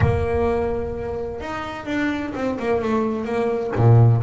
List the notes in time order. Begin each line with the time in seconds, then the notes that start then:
0.00 A#3
1.40 D#4
1.85 D4
2.34 C4
2.59 A#3
2.81 A3
3.25 A#3
3.76 A#2